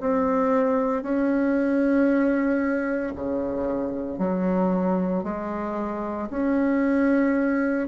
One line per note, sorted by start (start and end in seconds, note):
0.00 1.02 C4
1.02 3.13 C#4
3.15 4.18 C#3
4.18 5.23 F#3
5.23 6.28 G#3
6.30 7.88 C#4